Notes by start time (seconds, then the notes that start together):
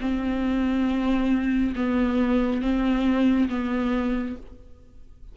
0.00 C4
1.75 B3
2.61 C4
3.49 B3